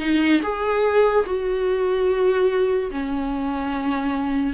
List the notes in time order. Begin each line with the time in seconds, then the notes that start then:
0.00 D#4
0.43 G#4
1.26 F#4
2.91 C#4